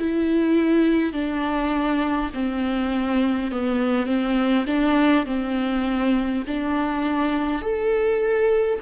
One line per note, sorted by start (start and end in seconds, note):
0.00 1.13 E4
1.13 2.31 D4
2.34 3.52 C4
3.52 4.06 B3
4.06 4.65 C4
4.67 5.26 D4
5.26 6.44 C4
6.48 7.62 D4
7.62 8.80 A4